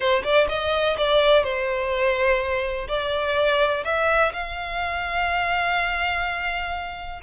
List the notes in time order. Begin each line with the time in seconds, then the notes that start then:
0.00 C5
0.23 D5
0.48 D#5
0.97 D5
1.43 C5
2.88 D5
3.84 E5
4.32 F5